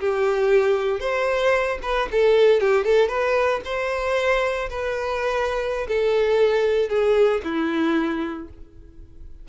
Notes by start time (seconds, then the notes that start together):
0.00 G4
1.00 C5
1.83 B4
2.12 A4
2.60 G4
2.85 A4
3.09 B4
3.65 C5
4.70 B4
5.88 A4
6.89 G#4
7.44 E4